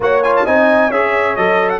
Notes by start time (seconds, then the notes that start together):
0.00 A#3 F#4 C#5 F#5
0.23 F4 G#5
0.36 A5
0.44 C4 D#4 D#5 G#5
0.87 C#4 G#4 C#5 E5
1.36 F#3 A4 D#5
1.69 F#5